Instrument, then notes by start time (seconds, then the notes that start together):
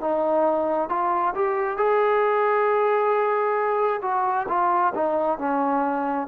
trombone
0.00 D#4
0.89 F4
1.34 G4
1.77 G#4
4.02 F#4
4.48 F4
4.94 D#4
5.38 C#4